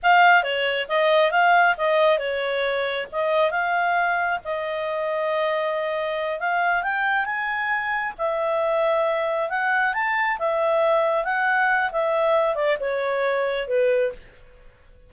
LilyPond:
\new Staff \with { instrumentName = "clarinet" } { \time 4/4 \tempo 4 = 136 f''4 cis''4 dis''4 f''4 | dis''4 cis''2 dis''4 | f''2 dis''2~ | dis''2~ dis''8 f''4 g''8~ |
g''8 gis''2 e''4.~ | e''4. fis''4 a''4 e''8~ | e''4. fis''4. e''4~ | e''8 d''8 cis''2 b'4 | }